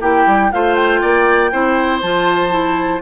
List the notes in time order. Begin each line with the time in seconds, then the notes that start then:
0.00 A#3 E4 G4 G5
0.26 G3
0.51 A3 F4 C5 F5
0.74 G5
1.00 A#3 D5
1.51 C4 E4 C5
2.01 F3 F4 A5
2.49 E4